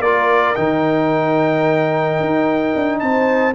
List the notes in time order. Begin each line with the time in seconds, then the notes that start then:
0.00 A#3 F4 A#4 D5
0.55 D#3 D#4 G5
2.20 D#4
2.75 D4
2.99 C4 C5 A5